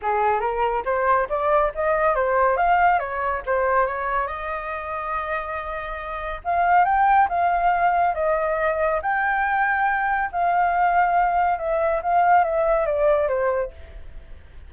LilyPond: \new Staff \with { instrumentName = "flute" } { \time 4/4 \tempo 4 = 140 gis'4 ais'4 c''4 d''4 | dis''4 c''4 f''4 cis''4 | c''4 cis''4 dis''2~ | dis''2. f''4 |
g''4 f''2 dis''4~ | dis''4 g''2. | f''2. e''4 | f''4 e''4 d''4 c''4 | }